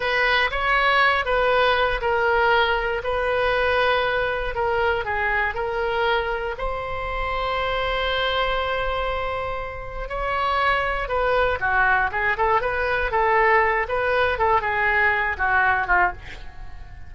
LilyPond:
\new Staff \with { instrumentName = "oboe" } { \time 4/4 \tempo 4 = 119 b'4 cis''4. b'4. | ais'2 b'2~ | b'4 ais'4 gis'4 ais'4~ | ais'4 c''2.~ |
c''1 | cis''2 b'4 fis'4 | gis'8 a'8 b'4 a'4. b'8~ | b'8 a'8 gis'4. fis'4 f'8 | }